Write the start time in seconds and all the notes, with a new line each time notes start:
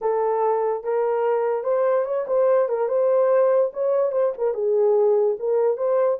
0.01 A4
0.83 A#4
1.63 C5
2.05 C#5
2.27 C5
2.69 A#4
2.88 C5
3.73 C#5
4.12 C5
4.37 A#4
4.53 G#4
5.39 A#4
5.77 C5